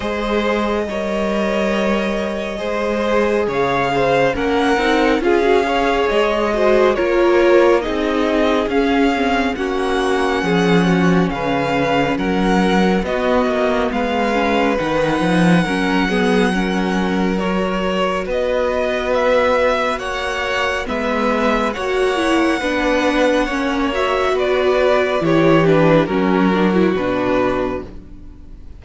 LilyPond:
<<
  \new Staff \with { instrumentName = "violin" } { \time 4/4 \tempo 4 = 69 dis''1 | f''4 fis''4 f''4 dis''4 | cis''4 dis''4 f''4 fis''4~ | fis''4 f''4 fis''4 dis''4 |
f''4 fis''2. | cis''4 dis''4 e''4 fis''4 | e''4 fis''2~ fis''8 e''8 | d''4 cis''8 b'8 ais'4 b'4 | }
  \new Staff \with { instrumentName = "violin" } { \time 4/4 c''4 cis''2 c''4 | cis''8 c''8 ais'4 gis'8 cis''4 c''8 | ais'4 gis'2 fis'4 | gis'8 fis'8 b'4 ais'4 fis'4 |
b'2 ais'8 gis'8 ais'4~ | ais'4 b'2 cis''4 | b'4 cis''4 b'4 cis''4 | b'4 g'4 fis'2 | }
  \new Staff \with { instrumentName = "viola" } { \time 4/4 gis'4 ais'2 gis'4~ | gis'4 cis'8 dis'8 f'16 fis'16 gis'4 fis'8 | f'4 dis'4 cis'8 c'8 cis'4~ | cis'2. b4~ |
b8 cis'8 dis'4 cis'8 b8 cis'4 | fis'1 | b4 fis'8 e'8 d'4 cis'8 fis'8~ | fis'4 e'8 d'8 cis'8 d'16 e'16 d'4 | }
  \new Staff \with { instrumentName = "cello" } { \time 4/4 gis4 g2 gis4 | cis4 ais8 c'8 cis'4 gis4 | ais4 c'4 cis'4 ais4 | f4 cis4 fis4 b8 ais8 |
gis4 dis8 f8 fis2~ | fis4 b2 ais4 | gis4 ais4 b4 ais4 | b4 e4 fis4 b,4 | }
>>